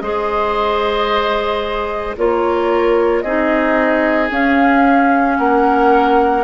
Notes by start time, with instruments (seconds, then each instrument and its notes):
0.00 bassoon G#3, clarinet G#4, oboe C5, flute D#5
2.17 bassoon A#3, clarinet F4, oboe A#4, flute C#5
3.21 bassoon C4, clarinet D#4, oboe G#4, flute D#5
4.29 clarinet C#4, bassoon C#4, flute F5
5.37 bassoon A#3, oboe A#4, flute F#5